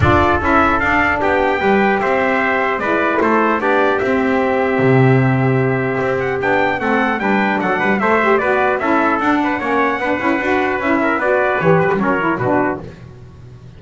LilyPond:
<<
  \new Staff \with { instrumentName = "trumpet" } { \time 4/4 \tempo 4 = 150 d''4 e''4 f''4 g''4~ | g''4 e''2 d''4 | c''4 d''4 e''2~ | e''2.~ e''8 fis''8 |
g''4 fis''4 g''4 fis''4 | e''4 d''4 e''4 fis''4~ | fis''2. e''4 | d''4 cis''8 b'8 cis''4 b'4 | }
  \new Staff \with { instrumentName = "trumpet" } { \time 4/4 a'2. g'4 | b'4 c''2 b'4 | a'4 g'2.~ | g'1~ |
g'4 a'4 b'4 a'8 b'8 | c''4 b'4 a'4. b'8 | cis''4 b'2~ b'8 ais'8 | b'2 ais'4 fis'4 | }
  \new Staff \with { instrumentName = "saxophone" } { \time 4/4 f'4 e'4 d'2 | g'2. e'4~ | e'4 d'4 c'2~ | c'1 |
d'4 c'4 d'2 | a'8 g'8 fis'4 e'4 d'4 | cis'4 d'8 e'8 fis'4 e'4 | fis'4 g'4 cis'8 e'8 d'4 | }
  \new Staff \with { instrumentName = "double bass" } { \time 4/4 d'4 cis'4 d'4 b4 | g4 c'2 gis4 | a4 b4 c'2 | c2. c'4 |
b4 a4 g4 fis8 g8 | a4 b4 cis'4 d'4 | ais4 b8 cis'8 d'4 cis'4 | b4 e8 fis16 g16 fis4 b,4 | }
>>